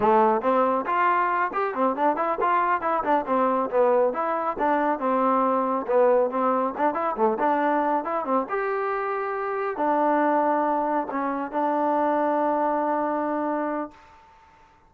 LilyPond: \new Staff \with { instrumentName = "trombone" } { \time 4/4 \tempo 4 = 138 a4 c'4 f'4. g'8 | c'8 d'8 e'8 f'4 e'8 d'8 c'8~ | c'8 b4 e'4 d'4 c'8~ | c'4. b4 c'4 d'8 |
e'8 a8 d'4. e'8 c'8 g'8~ | g'2~ g'8 d'4.~ | d'4. cis'4 d'4.~ | d'1 | }